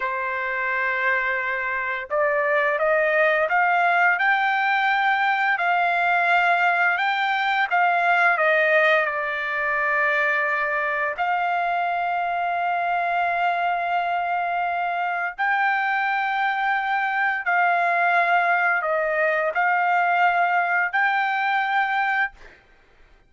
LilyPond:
\new Staff \with { instrumentName = "trumpet" } { \time 4/4 \tempo 4 = 86 c''2. d''4 | dis''4 f''4 g''2 | f''2 g''4 f''4 | dis''4 d''2. |
f''1~ | f''2 g''2~ | g''4 f''2 dis''4 | f''2 g''2 | }